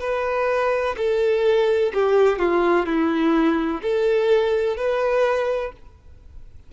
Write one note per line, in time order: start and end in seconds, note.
0.00 0.95 B4
0.97 1.92 A4
1.94 2.39 G4
2.39 2.86 F4
2.86 3.81 E4
3.82 4.77 A4
4.77 5.72 B4